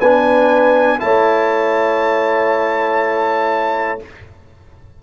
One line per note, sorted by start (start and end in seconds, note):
0.00 1.01 B3
0.00 0.99 D4
0.00 1.00 B4
0.00 1.00 G#5
0.99 4.02 A3
0.99 3.99 E4
0.99 4.03 C#5
0.99 4.00 A5